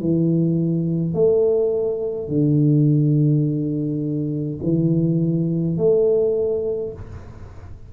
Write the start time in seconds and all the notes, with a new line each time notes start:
0.00 E3
1.14 A3
2.28 D3
4.63 E3
5.77 A3